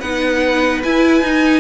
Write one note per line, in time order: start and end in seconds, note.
0.00 0.83 B3
0.00 0.84 D#4
0.00 1.60 B4
0.00 0.82 F#5
0.83 1.25 E4
0.83 1.22 E4
0.83 1.60 G#5
1.22 1.60 D#4